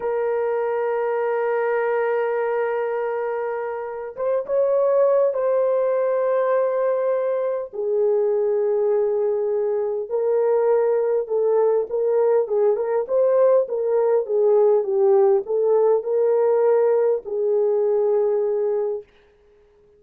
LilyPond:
\new Staff \with { instrumentName = "horn" } { \time 4/4 \tempo 4 = 101 ais'1~ | ais'2. c''8 cis''8~ | cis''4 c''2.~ | c''4 gis'2.~ |
gis'4 ais'2 a'4 | ais'4 gis'8 ais'8 c''4 ais'4 | gis'4 g'4 a'4 ais'4~ | ais'4 gis'2. | }